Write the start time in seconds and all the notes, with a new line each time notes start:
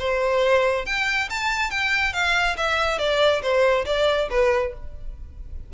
0.00 C5
0.86 G5
1.30 A5
1.71 G5
2.13 F5
2.57 E5
2.99 D5
3.42 C5
3.86 D5
4.31 B4